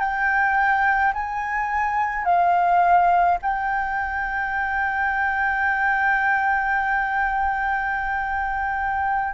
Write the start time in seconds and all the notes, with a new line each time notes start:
0.00 G5
1.14 G#5
2.25 F5
3.42 G5